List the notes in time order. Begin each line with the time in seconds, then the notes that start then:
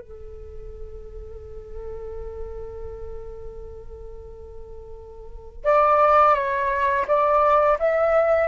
0.00 A4
5.64 D5
6.35 C#5
7.07 D5
7.79 E5